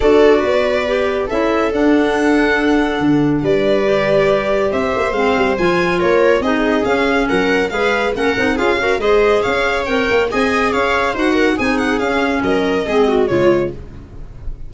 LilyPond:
<<
  \new Staff \with { instrumentName = "violin" } { \time 4/4 \tempo 4 = 140 d''2. e''4 | fis''1 | d''2. e''4 | f''4 gis''4 cis''4 dis''4 |
f''4 fis''4 f''4 fis''4 | f''4 dis''4 f''4 g''4 | gis''4 f''4 fis''4 gis''8 fis''8 | f''4 dis''2 cis''4 | }
  \new Staff \with { instrumentName = "viola" } { \time 4/4 a'4 b'2 a'4~ | a'1 | b'2. c''4~ | c''2 ais'4 gis'4~ |
gis'4 ais'4 b'4 ais'4 | gis'8 ais'8 c''4 cis''2 | dis''4 cis''4 c''8 ais'8 gis'4~ | gis'4 ais'4 gis'8 fis'8 f'4 | }
  \new Staff \with { instrumentName = "clarinet" } { \time 4/4 fis'2 g'4 e'4 | d'1~ | d'4 g'2. | c'4 f'2 dis'4 |
cis'2 gis'4 cis'8 dis'8 | f'8 fis'8 gis'2 ais'4 | gis'2 fis'4 dis'4 | cis'2 c'4 gis4 | }
  \new Staff \with { instrumentName = "tuba" } { \time 4/4 d'4 b2 cis'4 | d'2. d4 | g2. c'8 ais8 | gis8 g8 f4 ais4 c'4 |
cis'4 fis4 gis4 ais8 c'8 | cis'4 gis4 cis'4 c'8 ais8 | c'4 cis'4 dis'4 c'4 | cis'4 fis4 gis4 cis4 | }
>>